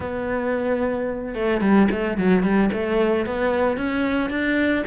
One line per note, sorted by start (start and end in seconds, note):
0.00 1.34 B3
1.34 1.61 A3
1.61 1.88 G3
1.91 2.17 A3
2.17 2.43 F#3
2.43 2.70 G3
2.73 3.26 A3
3.26 3.77 B3
3.77 4.30 C#4
4.30 4.84 D4